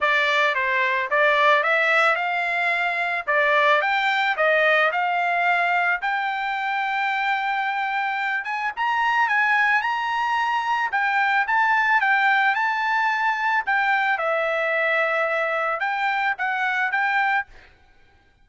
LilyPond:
\new Staff \with { instrumentName = "trumpet" } { \time 4/4 \tempo 4 = 110 d''4 c''4 d''4 e''4 | f''2 d''4 g''4 | dis''4 f''2 g''4~ | g''2.~ g''8 gis''8 |
ais''4 gis''4 ais''2 | g''4 a''4 g''4 a''4~ | a''4 g''4 e''2~ | e''4 g''4 fis''4 g''4 | }